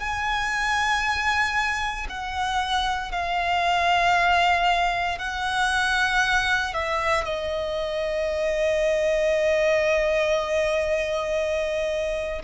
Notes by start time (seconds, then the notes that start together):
0.00 G#5
2.09 F#5
3.12 F5
5.19 F#5
6.74 E5
7.25 D#5